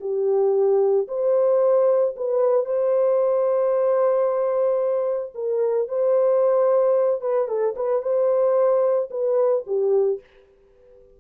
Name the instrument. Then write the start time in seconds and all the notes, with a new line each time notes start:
horn
0.00 G4
1.08 C5
2.16 B4
2.65 C5
5.34 A#4
5.88 C5
7.21 B4
7.48 A4
7.76 B4
8.02 C5
9.11 B4
9.66 G4